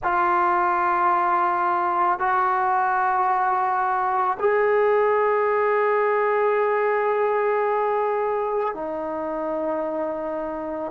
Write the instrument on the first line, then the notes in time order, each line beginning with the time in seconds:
trombone
0.03 F4
2.19 F#4
4.39 G#4
8.74 D#4